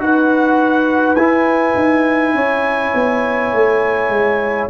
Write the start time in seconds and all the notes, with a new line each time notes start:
0.00 D#4 F#4 B4 F#5
1.16 E4 G#5
1.76 D#4
2.35 C#4 C#5
2.95 B3
3.53 A3
4.09 G#3